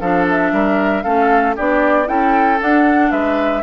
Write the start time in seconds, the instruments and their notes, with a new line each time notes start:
0.00 bassoon F3, clarinet D4, oboe A4, flute F5
0.29 flute E5
0.52 bassoon G3, oboe A#4
1.02 bassoon A3, clarinet C#4, oboe A4, flute F5
1.55 bassoon B3, clarinet D4, oboe G4, flute D5
2.05 bassoon C#4, clarinet E4, oboe A4, flute G5
2.60 clarinet D4, bassoon D4, flute F#5
3.11 bassoon G#3, oboe B4, flute E5